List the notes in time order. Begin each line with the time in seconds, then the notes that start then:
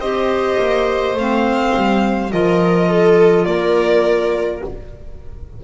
0.00 C4 G4 C5 D#5
0.59 A#3
1.14 A3 C4 F5
1.76 G3
2.31 F3 F4 A#4 D#5
2.89 A4
3.45 A#3 A#4 D5